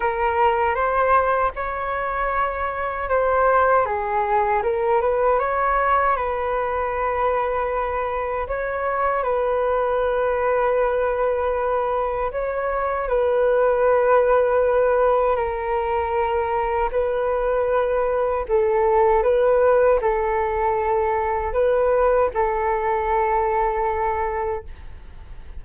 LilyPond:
\new Staff \with { instrumentName = "flute" } { \time 4/4 \tempo 4 = 78 ais'4 c''4 cis''2 | c''4 gis'4 ais'8 b'8 cis''4 | b'2. cis''4 | b'1 |
cis''4 b'2. | ais'2 b'2 | a'4 b'4 a'2 | b'4 a'2. | }